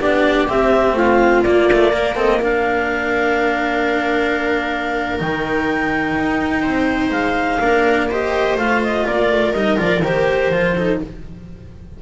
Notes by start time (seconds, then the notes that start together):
0.00 B3 D4 G4 D5
0.48 C4 E5
0.93 A3 F4 F5
1.43 A#3 D5
1.73 A3
1.92 A#3 A#4
2.15 C4 A4 D#5
2.41 D4 A#4 F5
5.19 D#3 D#4 G5
6.17 D#4
6.62 C4 C5
7.11 G#3 F5
7.60 A#3 D4 A#4
8.09 G4 C5 D#5
8.56 A3 F4 F5
8.83 D#5
9.06 A#3 A#4 D5
9.32 A3
9.53 G3 D#4 D#5
9.77 F3 F4 D5
10.02 D#3 G4 C5
10.50 F3 F4
10.76 D#4 A4